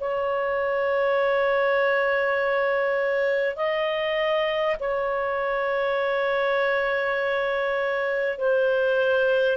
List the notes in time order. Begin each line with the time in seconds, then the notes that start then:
0.00 C#5
3.56 D#5
4.79 C#5
8.38 C5